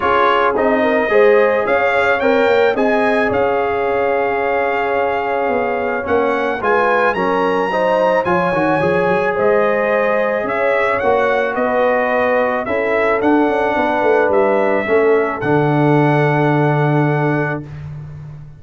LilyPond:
<<
  \new Staff \with { instrumentName = "trumpet" } { \time 4/4 \tempo 4 = 109 cis''4 dis''2 f''4 | g''4 gis''4 f''2~ | f''2. fis''4 | gis''4 ais''2 gis''4~ |
gis''4 dis''2 e''4 | fis''4 dis''2 e''4 | fis''2 e''2 | fis''1 | }
  \new Staff \with { instrumentName = "horn" } { \time 4/4 gis'4. ais'8 c''4 cis''4~ | cis''4 dis''4 cis''2~ | cis''1 | b'4 ais'4 c''4 cis''4~ |
cis''4 c''2 cis''4~ | cis''4 b'2 a'4~ | a'4 b'2 a'4~ | a'1 | }
  \new Staff \with { instrumentName = "trombone" } { \time 4/4 f'4 dis'4 gis'2 | ais'4 gis'2.~ | gis'2. cis'4 | f'4 cis'4 dis'4 f'8 fis'8 |
gis'1 | fis'2. e'4 | d'2. cis'4 | d'1 | }
  \new Staff \with { instrumentName = "tuba" } { \time 4/4 cis'4 c'4 gis4 cis'4 | c'8 ais8 c'4 cis'2~ | cis'2 b4 ais4 | gis4 fis2 f8 dis8 |
f8 fis8 gis2 cis'4 | ais4 b2 cis'4 | d'8 cis'8 b8 a8 g4 a4 | d1 | }
>>